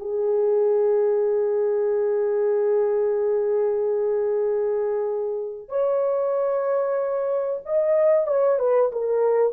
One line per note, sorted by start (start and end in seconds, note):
0.00 5.69 G#4
5.69 7.60 C#5
7.66 8.27 D#5
8.27 8.59 C#5
8.59 8.91 B4
8.92 9.53 A#4